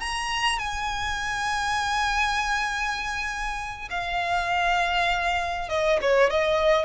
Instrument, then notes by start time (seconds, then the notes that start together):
violin
0.00 A#5
0.59 G#5
3.91 F5
5.69 D#5
6.02 C#5
6.30 D#5